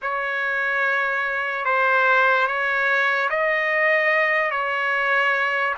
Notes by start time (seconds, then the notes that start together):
0.01 C#5
1.65 C5
2.47 C#5
3.30 D#5
4.51 C#5